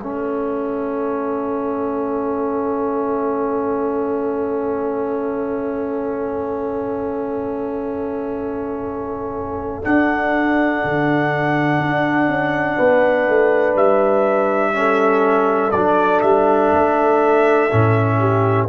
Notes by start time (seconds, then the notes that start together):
0.00 A3 C#4 A4 E5
9.83 D4 F#5
10.85 D3
11.80 D4
12.28 C#4
12.77 B3 B4
13.28 A3
13.76 G3 E5
14.74 C#4 A4
15.72 F#3 D4 D5
16.21 G3 E5
16.73 A3
17.70 A2 C#4
18.19 G4